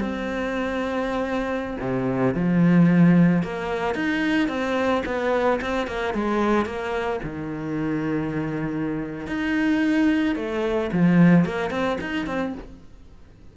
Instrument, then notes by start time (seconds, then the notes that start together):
cello
0.00 C4
1.80 C3
2.34 F3
3.43 A#3
3.95 D#4
4.48 C4
5.05 B3
5.61 C4
5.87 A#3
6.14 G#3
6.65 A#3
7.23 D#3
9.27 D#4
10.36 A3
10.92 F3
11.45 A#3
11.70 C4
12.01 D#4
12.26 C4